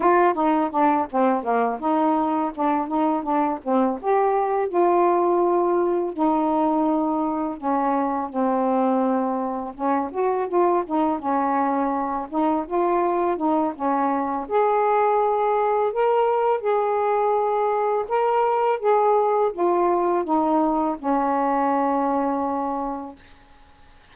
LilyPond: \new Staff \with { instrumentName = "saxophone" } { \time 4/4 \tempo 4 = 83 f'8 dis'8 d'8 c'8 ais8 dis'4 d'8 | dis'8 d'8 c'8 g'4 f'4.~ | f'8 dis'2 cis'4 c'8~ | c'4. cis'8 fis'8 f'8 dis'8 cis'8~ |
cis'4 dis'8 f'4 dis'8 cis'4 | gis'2 ais'4 gis'4~ | gis'4 ais'4 gis'4 f'4 | dis'4 cis'2. | }